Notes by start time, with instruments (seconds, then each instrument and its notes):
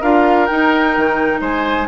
0.00 bassoon D4, clarinet F4, oboe A#4, flute F5
0.46 clarinet D#4, bassoon D#4, flute G5
0.96 bassoon D#3
1.40 bassoon G#3, oboe C5, flute G#5